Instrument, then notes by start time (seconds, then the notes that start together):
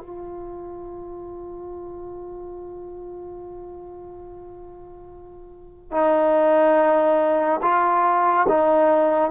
trombone
0.00 F4
5.91 D#4
7.62 F4
8.48 D#4